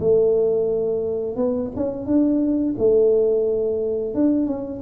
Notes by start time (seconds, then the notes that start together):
0.00 A3
1.36 B3
1.76 C#4
2.06 D4
2.78 A3
4.14 D4
4.46 C#4